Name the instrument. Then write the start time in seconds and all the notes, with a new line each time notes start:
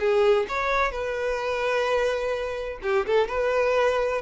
violin
0.00 G#4
0.49 C#5
0.92 B4
2.83 G4
3.07 A4
3.29 B4